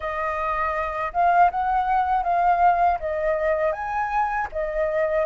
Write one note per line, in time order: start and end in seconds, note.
0.00 1.12 D#5
1.12 1.50 F5
1.50 2.23 F#5
2.23 2.98 F5
2.99 3.72 D#5
3.72 4.47 G#5
4.52 5.25 D#5